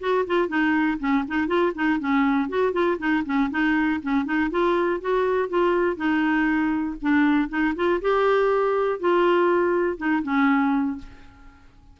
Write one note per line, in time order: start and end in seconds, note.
0.00 0.25 F#4
0.27 0.48 F4
0.48 0.98 D#4
1.00 1.25 C#4
1.28 1.47 D#4
1.47 1.72 F4
1.75 2.00 D#4
2.00 2.49 C#4
2.49 2.73 F#4
2.73 2.98 F4
2.99 3.24 D#4
3.25 3.50 C#4
3.51 4.01 D#4
4.02 4.25 C#4
4.25 4.50 D#4
4.51 5.01 F4
5.01 5.49 F#4
5.49 5.97 F4
5.97 6.97 D#4
7.02 7.49 D4
7.49 7.74 D#4
7.76 8.01 F4
8.01 9.00 G4
9.00 9.98 F4
9.98 10.23 D#4
10.23 10.98 C#4